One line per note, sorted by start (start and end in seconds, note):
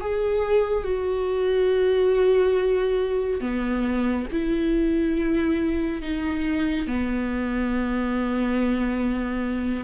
0.00 0.83 G#4
0.83 3.40 F#4
3.40 4.26 B3
4.31 6.02 E4
6.02 6.86 D#4
6.86 9.84 B3